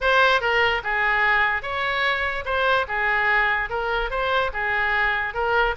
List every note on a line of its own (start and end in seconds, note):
0.01 0.41 C5
0.41 0.82 A#4
0.83 1.62 G#4
1.62 2.44 C#5
2.45 2.86 C5
2.87 3.69 G#4
3.69 4.10 A#4
4.10 4.51 C5
4.53 5.34 G#4
5.34 5.75 A#4